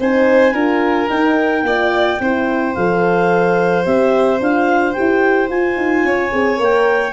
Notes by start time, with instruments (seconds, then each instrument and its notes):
0.00 tuba C4, horn D#4, violin C5, clarinet G#5
0.54 tuba D4, horn F4, violin A#4
1.08 horn D#4, tuba D#4, clarinet G5
1.63 tuba A#3, horn F4, violin D5
2.20 tuba C4, horn E4, violin C5
2.75 tuba F3, horn A4, clarinet F5
3.85 tuba C4, horn G4, clarinet E5
4.41 tuba D4, horn F4, clarinet F5
4.93 horn G4, clarinet G5
5.00 tuba E4
5.50 tuba F4, horn F4, clarinet G#5
5.77 tuba D#4
6.04 tuba C#4, violin C#5
6.32 tuba C4, horn G#4
6.57 tuba A#3, horn A#4
6.63 clarinet G5